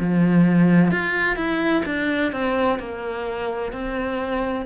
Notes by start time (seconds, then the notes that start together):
0.00 F3
0.91 F4
1.36 E4
1.85 D4
2.32 C4
2.79 A#3
3.72 C4